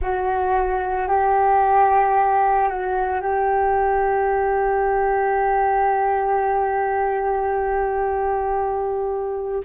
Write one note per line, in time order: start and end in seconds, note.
0.01 1.08 F#4
1.08 2.68 G4
2.68 3.20 F#4
3.20 9.63 G4